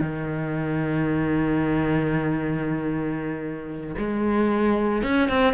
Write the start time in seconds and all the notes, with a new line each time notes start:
0.00 D#3
3.98 G#3
5.02 C#4
5.28 C4